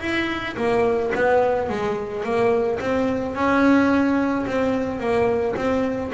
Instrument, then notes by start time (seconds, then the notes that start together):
double bass
0.00 E4
0.56 A#3
1.15 B3
1.69 G#3
2.23 A#3
2.80 C4
3.35 C#4
4.46 C4
4.99 A#3
5.55 C4